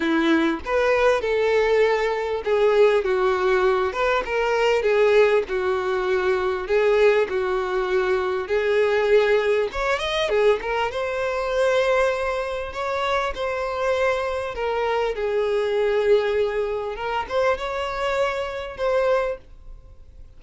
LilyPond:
\new Staff \with { instrumentName = "violin" } { \time 4/4 \tempo 4 = 99 e'4 b'4 a'2 | gis'4 fis'4. b'8 ais'4 | gis'4 fis'2 gis'4 | fis'2 gis'2 |
cis''8 dis''8 gis'8 ais'8 c''2~ | c''4 cis''4 c''2 | ais'4 gis'2. | ais'8 c''8 cis''2 c''4 | }